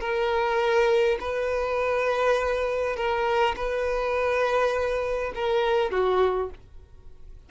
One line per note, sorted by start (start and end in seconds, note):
0.00 1.18 A#4
1.20 2.96 B4
2.96 3.55 A#4
3.56 5.32 B4
5.35 5.91 A#4
5.91 6.49 F#4